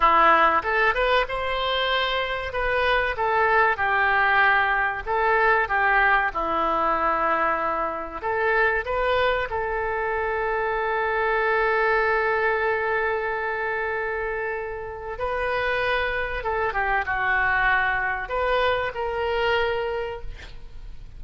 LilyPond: \new Staff \with { instrumentName = "oboe" } { \time 4/4 \tempo 4 = 95 e'4 a'8 b'8 c''2 | b'4 a'4 g'2 | a'4 g'4 e'2~ | e'4 a'4 b'4 a'4~ |
a'1~ | a'1 | b'2 a'8 g'8 fis'4~ | fis'4 b'4 ais'2 | }